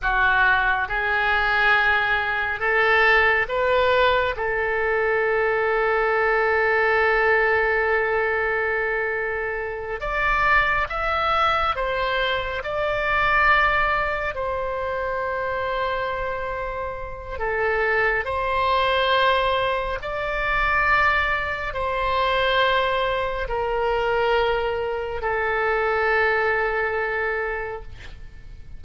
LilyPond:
\new Staff \with { instrumentName = "oboe" } { \time 4/4 \tempo 4 = 69 fis'4 gis'2 a'4 | b'4 a'2.~ | a'2.~ a'8 d''8~ | d''8 e''4 c''4 d''4.~ |
d''8 c''2.~ c''8 | a'4 c''2 d''4~ | d''4 c''2 ais'4~ | ais'4 a'2. | }